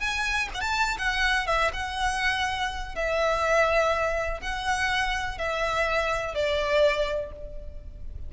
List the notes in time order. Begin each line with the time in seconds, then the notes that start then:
0.00 G#5
0.54 F#5
0.61 A5
0.98 F#5
1.47 E5
1.73 F#5
2.95 E5
4.41 F#5
5.38 E5
6.35 D5